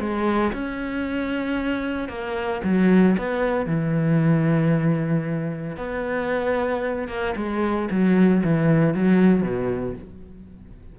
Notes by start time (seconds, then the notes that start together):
0.00 G#3
0.53 C#4
2.09 A#3
2.64 F#3
3.18 B3
3.67 E3
5.77 B3
7.09 A#3
7.37 G#3
7.91 F#3
8.44 E3
8.94 F#3
9.43 B2